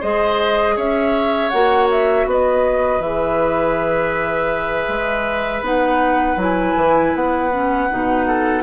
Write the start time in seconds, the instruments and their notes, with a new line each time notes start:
0.00 bassoon G#3, clarinet G#4, oboe C5, flute D#5
0.76 bassoon C#4, oboe C#5, flute E5
1.50 bassoon A#3, clarinet F#4, flute F#5
1.91 flute E5
2.26 bassoon B3, oboe B4, flute D#5
3.00 bassoon E3, clarinet G#4, flute E5
4.88 bassoon G#3
5.61 bassoon B3, clarinet D#4, flute F#5
6.36 bassoon F#3, clarinet E4, flute G#5
6.76 bassoon E3
7.15 bassoon B3, flute F#5
7.52 clarinet C#4
7.90 bassoon B2, clarinet D#4
8.27 oboe A4